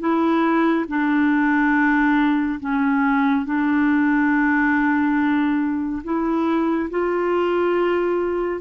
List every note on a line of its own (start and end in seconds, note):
0.00 0.86 E4
0.88 2.60 D4
2.60 3.46 C#4
3.46 6.03 D4
6.04 6.90 E4
6.90 8.61 F4